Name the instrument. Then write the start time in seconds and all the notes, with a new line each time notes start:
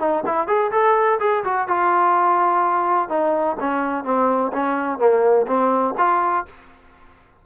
trombone
0.00 D#4
0.26 E4
0.48 G#4
0.72 A4
1.20 G#4
1.45 F#4
1.68 F4
3.10 D#4
3.60 C#4
4.05 C4
4.53 C#4
4.99 A#3
5.47 C4
5.98 F4